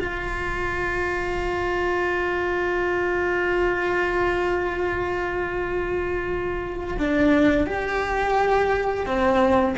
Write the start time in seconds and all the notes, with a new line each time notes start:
0.00 F4
6.99 D4
7.66 G4
9.06 C4